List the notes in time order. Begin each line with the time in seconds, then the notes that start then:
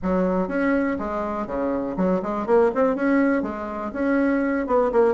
0.02 F#3
0.47 C#4
0.99 G#3
1.46 C#3
1.96 F#3
2.22 G#3
2.46 A#3
2.74 C4
2.95 C#4
3.42 G#3
3.93 C#4
4.67 B3
4.92 A#3